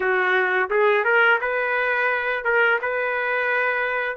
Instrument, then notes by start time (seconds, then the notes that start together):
trumpet
0.00 F#4
0.70 G#4
1.04 A#4
1.40 B4
2.44 A#4
2.81 B4